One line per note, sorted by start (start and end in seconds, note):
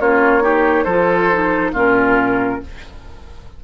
0.00 0.86 A#3
0.00 0.42 C#4
0.00 0.43 F4
0.00 0.84 C#5
0.42 0.86 D#4
0.42 0.85 G4
0.84 1.73 F3
0.84 1.32 F4
0.84 1.72 A4
0.84 1.71 C5
1.32 1.75 D#4
1.73 2.60 A#2
1.73 2.62 C#4
1.73 2.61 F4
1.73 2.64 A#4